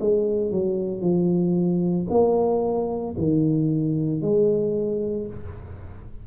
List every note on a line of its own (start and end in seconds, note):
0.00 0.51 G#3
0.51 1.01 F#3
1.01 2.07 F3
2.10 3.15 A#3
3.18 4.22 D#3
4.22 5.27 G#3